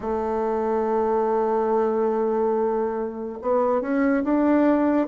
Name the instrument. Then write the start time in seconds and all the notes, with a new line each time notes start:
bassoon
0.00 A3
3.41 B3
3.81 C#4
4.23 D4